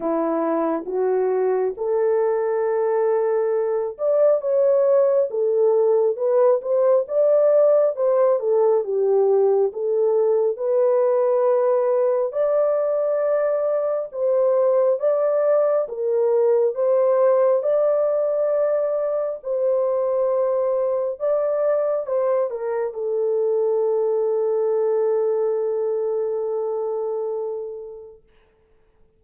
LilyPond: \new Staff \with { instrumentName = "horn" } { \time 4/4 \tempo 4 = 68 e'4 fis'4 a'2~ | a'8 d''8 cis''4 a'4 b'8 c''8 | d''4 c''8 a'8 g'4 a'4 | b'2 d''2 |
c''4 d''4 ais'4 c''4 | d''2 c''2 | d''4 c''8 ais'8 a'2~ | a'1 | }